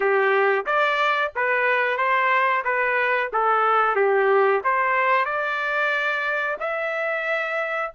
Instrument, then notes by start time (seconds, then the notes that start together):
trumpet
0.00 G4
0.66 D5
1.35 B4
1.97 C5
2.64 B4
3.32 A4
3.95 G4
4.63 C5
5.25 D5
6.59 E5